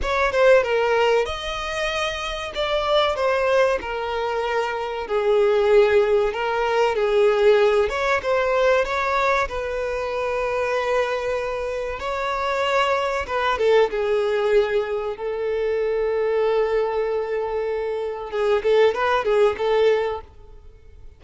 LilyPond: \new Staff \with { instrumentName = "violin" } { \time 4/4 \tempo 4 = 95 cis''8 c''8 ais'4 dis''2 | d''4 c''4 ais'2 | gis'2 ais'4 gis'4~ | gis'8 cis''8 c''4 cis''4 b'4~ |
b'2. cis''4~ | cis''4 b'8 a'8 gis'2 | a'1~ | a'4 gis'8 a'8 b'8 gis'8 a'4 | }